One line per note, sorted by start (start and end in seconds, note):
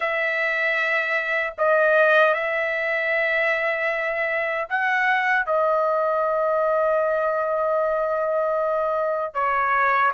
0.00 1.53 E5
1.58 2.34 D#5
2.34 4.68 E5
4.69 5.46 F#5
5.46 9.34 D#5
9.34 10.12 C#5